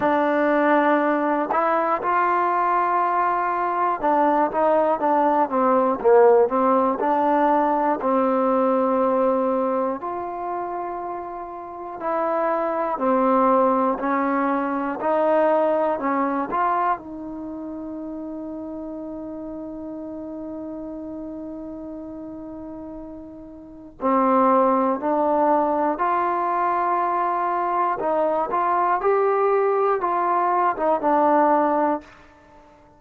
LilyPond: \new Staff \with { instrumentName = "trombone" } { \time 4/4 \tempo 4 = 60 d'4. e'8 f'2 | d'8 dis'8 d'8 c'8 ais8 c'8 d'4 | c'2 f'2 | e'4 c'4 cis'4 dis'4 |
cis'8 f'8 dis'2.~ | dis'1 | c'4 d'4 f'2 | dis'8 f'8 g'4 f'8. dis'16 d'4 | }